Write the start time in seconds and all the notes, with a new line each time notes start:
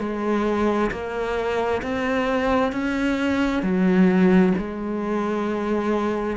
0.00 G#3
0.91 A#3
1.83 C4
2.73 C#4
3.63 F#3
4.58 G#3